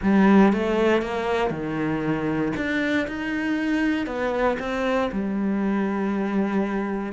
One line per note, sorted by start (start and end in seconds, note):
0.02 0.52 G3
0.52 1.02 A3
1.02 1.50 A#3
1.50 2.52 D#3
2.56 3.07 D4
3.07 4.06 D#4
4.06 4.57 B3
4.59 5.10 C4
5.11 7.12 G3